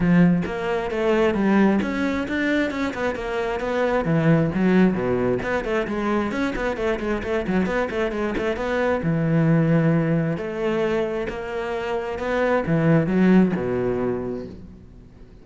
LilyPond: \new Staff \with { instrumentName = "cello" } { \time 4/4 \tempo 4 = 133 f4 ais4 a4 g4 | cis'4 d'4 cis'8 b8 ais4 | b4 e4 fis4 b,4 | b8 a8 gis4 cis'8 b8 a8 gis8 |
a8 fis8 b8 a8 gis8 a8 b4 | e2. a4~ | a4 ais2 b4 | e4 fis4 b,2 | }